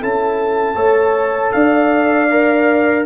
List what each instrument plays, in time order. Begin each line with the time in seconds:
0.00 tuba C#4, trombone E4, horn A4, trumpet A5
0.75 tuba A3, trombone A4, horn C#5
1.52 tuba D4, horn D5, trumpet F5
2.30 trombone A#4